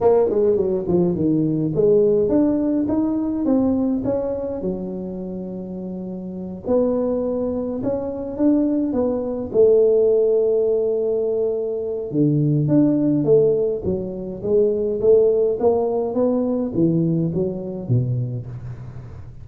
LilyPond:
\new Staff \with { instrumentName = "tuba" } { \time 4/4 \tempo 4 = 104 ais8 gis8 fis8 f8 dis4 gis4 | d'4 dis'4 c'4 cis'4 | fis2.~ fis8 b8~ | b4. cis'4 d'4 b8~ |
b8 a2.~ a8~ | a4 d4 d'4 a4 | fis4 gis4 a4 ais4 | b4 e4 fis4 b,4 | }